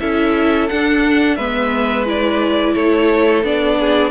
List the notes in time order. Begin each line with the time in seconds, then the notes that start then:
0.00 C#4 E4 A4 E5
0.69 D4 F#5
1.36 G#3 B3 B4 E5
2.06 E4 D5
2.74 A3 A4 C#5
3.44 B3 D4 D5
3.80 G#4